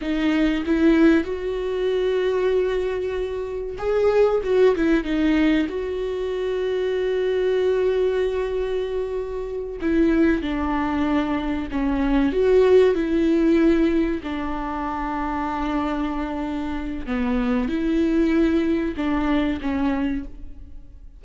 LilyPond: \new Staff \with { instrumentName = "viola" } { \time 4/4 \tempo 4 = 95 dis'4 e'4 fis'2~ | fis'2 gis'4 fis'8 e'8 | dis'4 fis'2.~ | fis'2.~ fis'8 e'8~ |
e'8 d'2 cis'4 fis'8~ | fis'8 e'2 d'4.~ | d'2. b4 | e'2 d'4 cis'4 | }